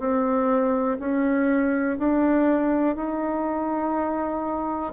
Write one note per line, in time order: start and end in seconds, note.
0.00 0.98 C4
1.00 1.98 C#4
1.99 2.96 D4
2.96 4.93 D#4